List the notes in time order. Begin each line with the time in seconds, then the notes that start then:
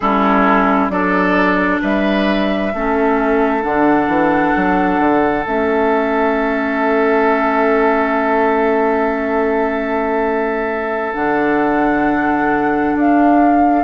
0.00 G3 C#4 E4 A4
0.89 F#3 D4 A4 D5
1.81 G3 B4 E5
2.73 A3 C#4 A4
3.61 D3 D4 F#5
4.07 E3
4.55 F#3
4.99 D3
5.46 A3 C#4 E5
11.14 D3 D4 F#5
12.95 D4 F5